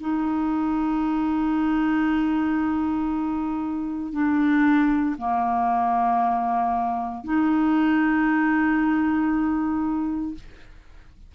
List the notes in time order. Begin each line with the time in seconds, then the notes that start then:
0.00 D#4
4.12 D4
5.18 A#3
7.24 D#4